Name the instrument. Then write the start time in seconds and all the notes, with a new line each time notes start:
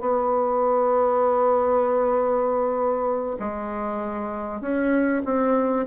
bassoon
0.00 B3
3.39 G#3
4.61 C#4
5.25 C4